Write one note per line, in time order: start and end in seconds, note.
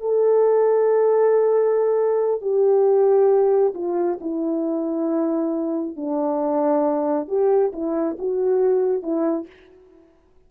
0.00 2.41 A4
2.41 3.73 G4
3.74 4.18 F4
4.20 5.96 E4
5.96 7.28 D4
7.28 7.72 G4
7.72 8.16 E4
8.18 9.02 F#4
9.02 9.46 E4